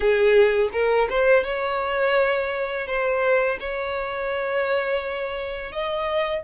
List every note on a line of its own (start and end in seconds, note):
0.00 0.69 G#4
0.72 1.08 A#4
1.09 1.44 C5
1.44 2.86 C#5
2.86 3.58 C5
3.59 5.71 C#5
5.71 6.43 D#5